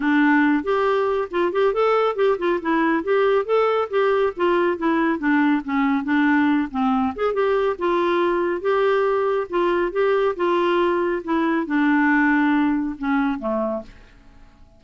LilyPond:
\new Staff \with { instrumentName = "clarinet" } { \time 4/4 \tempo 4 = 139 d'4. g'4. f'8 g'8 | a'4 g'8 f'8 e'4 g'4 | a'4 g'4 f'4 e'4 | d'4 cis'4 d'4. c'8~ |
c'8 gis'8 g'4 f'2 | g'2 f'4 g'4 | f'2 e'4 d'4~ | d'2 cis'4 a4 | }